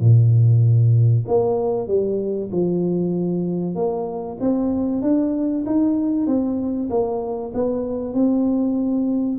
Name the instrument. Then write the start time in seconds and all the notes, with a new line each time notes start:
tuba
0.00 A#2
1.28 A#3
1.87 G3
2.51 F3
3.75 A#3
4.40 C4
5.02 D4
5.66 D#4
6.26 C4
6.90 A#3
7.54 B3
8.14 C4